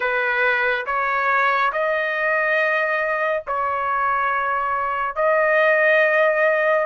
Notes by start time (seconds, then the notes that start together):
0.00 B4
0.86 C#5
1.72 D#5
3.47 C#5
5.15 D#5